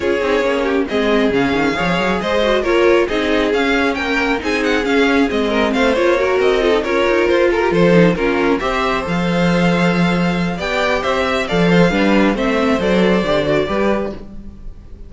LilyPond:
<<
  \new Staff \with { instrumentName = "violin" } { \time 4/4 \tempo 4 = 136 cis''2 dis''4 f''4~ | f''4 dis''4 cis''4 dis''4 | f''4 g''4 gis''8 fis''8 f''4 | dis''4 f''8 cis''4 dis''4 cis''8~ |
cis''8 c''8 ais'8 c''4 ais'4 e''8~ | e''8 f''2.~ f''8 | g''4 e''4 f''2 | e''4 d''2. | }
  \new Staff \with { instrumentName = "violin" } { \time 4/4 gis'4. g'8 gis'2 | cis''4 c''4 ais'4 gis'4~ | gis'4 ais'4 gis'2~ | gis'8 ais'8 c''4 ais'4 a'8 ais'8~ |
ais'4 a'16 g'16 a'4 f'4 c''8~ | c''1 | d''4 c''8 e''8 d''8 c''8 b'4 | c''2. b'4 | }
  \new Staff \with { instrumentName = "viola" } { \time 4/4 f'8 dis'8 cis'4 c'4 cis'4 | gis'4. fis'8 f'4 dis'4 | cis'2 dis'4 cis'4 | c'4. f'8 fis'4 f'16 dis'16 f'8~ |
f'2 dis'8 cis'4 g'8~ | g'8 a'2.~ a'8 | g'2 a'4 d'4 | c'4 a'4 g'8 fis'8 g'4 | }
  \new Staff \with { instrumentName = "cello" } { \time 4/4 cis'8 c'8 ais4 gis4 cis8 dis8 | f8 fis8 gis4 ais4 c'4 | cis'4 ais4 c'4 cis'4 | gis4 a8 ais4 c'4 cis'8 |
dis'8 f'4 f4 ais4 c'8~ | c'8 f2.~ f8 | b4 c'4 f4 g4 | a4 fis4 d4 g4 | }
>>